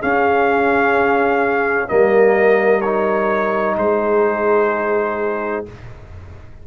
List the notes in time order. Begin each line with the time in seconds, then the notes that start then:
0.00 C#4 G#4 F5
1.88 G3 A#3 A#4 D#5
2.82 D#4 C#5
3.77 G#3 G#4 C5